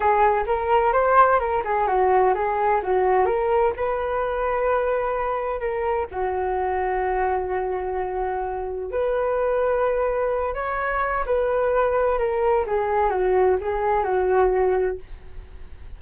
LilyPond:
\new Staff \with { instrumentName = "flute" } { \time 4/4 \tempo 4 = 128 gis'4 ais'4 c''4 ais'8 gis'8 | fis'4 gis'4 fis'4 ais'4 | b'1 | ais'4 fis'2.~ |
fis'2. b'4~ | b'2~ b'8 cis''4. | b'2 ais'4 gis'4 | fis'4 gis'4 fis'2 | }